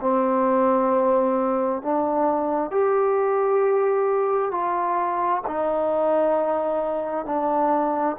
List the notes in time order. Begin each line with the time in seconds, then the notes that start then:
0.00 C4
1.82 D4
2.71 G4
4.51 F4
5.47 D#4
7.25 D4